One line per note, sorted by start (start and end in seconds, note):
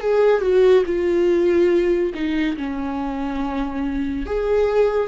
0.00 0.41 G#4
0.41 0.83 F#4
0.86 2.12 F4
2.14 2.56 D#4
2.57 4.26 C#4
4.26 5.07 G#4